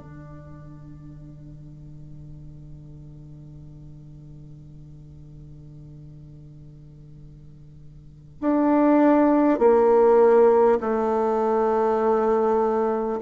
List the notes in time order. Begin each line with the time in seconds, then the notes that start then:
0.00 D3
8.41 D4
9.59 A#3
10.81 A3